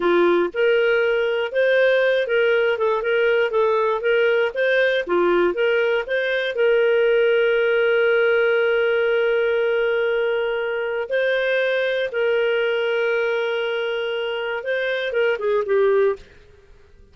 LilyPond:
\new Staff \with { instrumentName = "clarinet" } { \time 4/4 \tempo 4 = 119 f'4 ais'2 c''4~ | c''8 ais'4 a'8 ais'4 a'4 | ais'4 c''4 f'4 ais'4 | c''4 ais'2.~ |
ais'1~ | ais'2 c''2 | ais'1~ | ais'4 c''4 ais'8 gis'8 g'4 | }